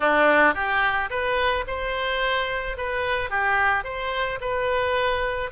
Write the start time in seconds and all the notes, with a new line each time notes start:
0.00 D4
0.54 G4
1.09 B4
1.67 C5
2.77 B4
3.30 G4
3.84 C5
4.40 B4